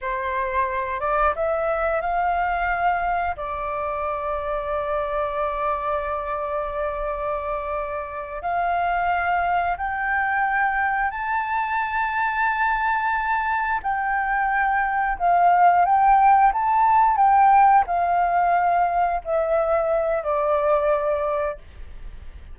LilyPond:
\new Staff \with { instrumentName = "flute" } { \time 4/4 \tempo 4 = 89 c''4. d''8 e''4 f''4~ | f''4 d''2.~ | d''1~ | d''8 f''2 g''4.~ |
g''8 a''2.~ a''8~ | a''8 g''2 f''4 g''8~ | g''8 a''4 g''4 f''4.~ | f''8 e''4. d''2 | }